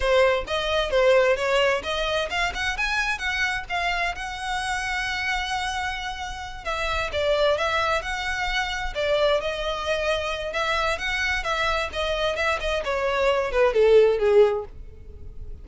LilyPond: \new Staff \with { instrumentName = "violin" } { \time 4/4 \tempo 4 = 131 c''4 dis''4 c''4 cis''4 | dis''4 f''8 fis''8 gis''4 fis''4 | f''4 fis''2.~ | fis''2~ fis''8 e''4 d''8~ |
d''8 e''4 fis''2 d''8~ | d''8 dis''2~ dis''8 e''4 | fis''4 e''4 dis''4 e''8 dis''8 | cis''4. b'8 a'4 gis'4 | }